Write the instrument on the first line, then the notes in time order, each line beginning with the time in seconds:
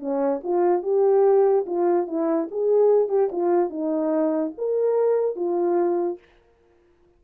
horn
0.00 C#4
0.43 F4
0.83 G4
1.66 F4
2.07 E4
2.51 G#4
3.09 G4
3.32 F4
3.70 D#4
4.58 A#4
5.36 F4